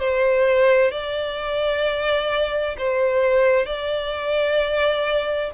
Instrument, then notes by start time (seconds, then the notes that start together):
violin
0.00 C5
0.92 D5
2.79 C5
3.67 D5